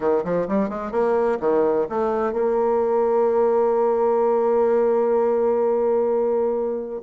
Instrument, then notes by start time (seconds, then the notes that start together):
bassoon
0.00 D#3
0.24 F3
0.48 G3
0.69 G#3
0.91 A#3
1.40 D#3
1.89 A3
2.32 A#3